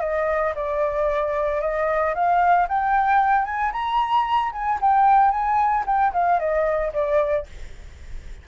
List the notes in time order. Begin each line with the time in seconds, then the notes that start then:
0.00 D#5
0.55 D5
1.60 D#5
2.14 F5
2.68 G5
3.45 G#5
3.72 A#5
4.52 G#5
4.81 G5
5.30 G#5
5.86 G5
6.13 F5
6.39 D#5
6.93 D5